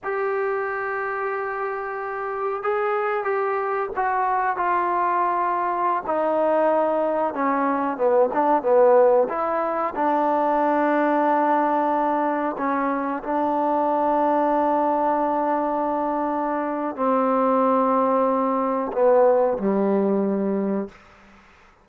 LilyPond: \new Staff \with { instrumentName = "trombone" } { \time 4/4 \tempo 4 = 92 g'1 | gis'4 g'4 fis'4 f'4~ | f'4~ f'16 dis'2 cis'8.~ | cis'16 b8 d'8 b4 e'4 d'8.~ |
d'2.~ d'16 cis'8.~ | cis'16 d'2.~ d'8.~ | d'2 c'2~ | c'4 b4 g2 | }